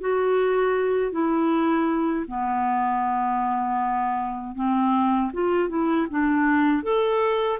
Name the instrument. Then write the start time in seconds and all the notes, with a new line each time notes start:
clarinet
0.00 F#4
1.12 E4
2.27 B3
4.55 C4
5.33 F4
5.69 E4
6.10 D4
6.83 A4